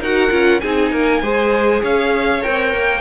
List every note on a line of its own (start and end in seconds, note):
0.00 0.30 D#4
0.00 0.30 F#4
0.00 0.61 A#4
0.00 0.60 F#5
0.30 0.61 C#4
0.30 0.61 F4
0.60 0.92 C4
0.60 1.23 D#4
0.60 0.92 G#4
0.60 1.82 G#5
0.92 1.22 A#3
0.92 1.21 A#4
1.21 1.82 G#3
1.21 2.42 G#4
1.21 1.82 C5
1.82 2.43 C#4
1.82 3.01 C#5
1.82 2.43 F5
2.42 2.73 C4
2.42 3.01 A#4
2.42 3.01 G5
2.73 3.01 A#3